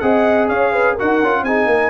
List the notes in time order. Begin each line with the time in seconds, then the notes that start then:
0.00 C4 G#4 D#5 F#5
0.48 C#4 C#5 F5
0.73 B4
0.93 F#4 A#4 F#5
1.01 D#4
1.23 C#4 F4
1.42 C4 D#4 G#4 G#5
1.66 A#3 A#4